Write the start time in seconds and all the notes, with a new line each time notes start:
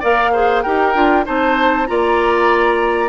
0.00 A#3 A#4 D5 F5
0.33 G#4 C5
0.62 D#4 G4 A#4 G5
0.95 D4 F4
1.25 C4 D#4 C5 A5
1.87 A#3 F4 D5 A#5